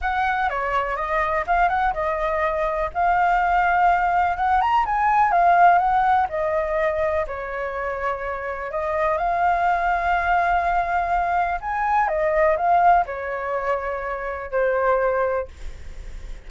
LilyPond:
\new Staff \with { instrumentName = "flute" } { \time 4/4 \tempo 4 = 124 fis''4 cis''4 dis''4 f''8 fis''8 | dis''2 f''2~ | f''4 fis''8 ais''8 gis''4 f''4 | fis''4 dis''2 cis''4~ |
cis''2 dis''4 f''4~ | f''1 | gis''4 dis''4 f''4 cis''4~ | cis''2 c''2 | }